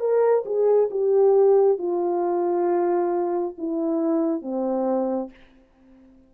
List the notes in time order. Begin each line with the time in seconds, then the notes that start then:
0.00 A#4
0.45 G#4
0.91 G4
1.78 F4
3.58 E4
4.42 C4